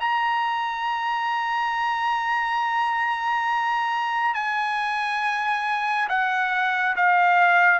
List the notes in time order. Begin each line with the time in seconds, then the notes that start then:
0.00 A#5
4.34 G#5
6.09 F#5
6.96 F5